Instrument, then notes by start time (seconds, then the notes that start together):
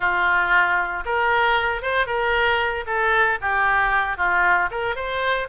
oboe
0.00 F4
1.05 A#4
1.82 C5
2.06 A#4
2.86 A4
3.41 G4
4.17 F4
4.70 A#4
4.95 C5